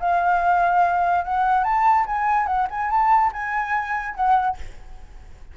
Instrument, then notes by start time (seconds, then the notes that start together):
flute
0.00 F5
1.25 F#5
1.64 A5
2.06 G#5
2.47 F#5
2.71 G#5
2.91 A5
3.33 G#5
4.15 F#5